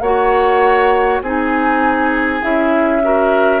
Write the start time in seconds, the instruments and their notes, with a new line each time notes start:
0.00 bassoon A#3, clarinet F#4, oboe C#5, flute F#5
1.21 bassoon C4, clarinet D#4, oboe G#4, flute G#5
2.41 bassoon C#4, clarinet E4, flute E5
3.03 clarinet F#4, oboe A#4